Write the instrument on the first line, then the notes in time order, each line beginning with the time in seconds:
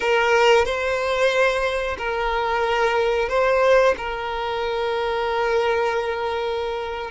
violin
0.00 A#4
0.65 C5
1.98 A#4
3.28 C5
3.97 A#4